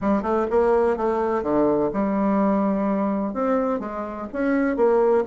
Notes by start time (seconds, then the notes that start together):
0.01 G3
0.22 A3
0.50 A#3
0.96 A3
1.42 D3
1.93 G3
3.33 C4
3.79 G#3
4.32 C#4
4.76 A#3